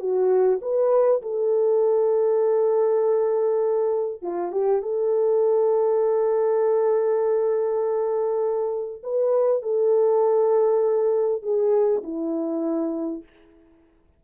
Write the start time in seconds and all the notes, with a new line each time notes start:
0.00 F#4
0.62 B4
1.22 A4
4.22 F4
4.52 G4
4.82 A4
9.04 B4
9.63 A4
11.43 G#4
12.03 E4